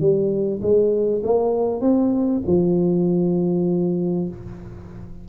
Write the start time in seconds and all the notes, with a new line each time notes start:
0.00 G3
0.61 G#3
1.23 A#3
1.81 C4
2.46 F3